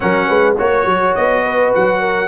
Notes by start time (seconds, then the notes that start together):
0.00 F#3 C#4 A#4 F#5
0.28 G#3 B4
0.57 A#3 F#4 C#5
0.85 F#3
1.15 B3 D#5
1.43 B4
1.74 F#3 F#5
2.00 A#4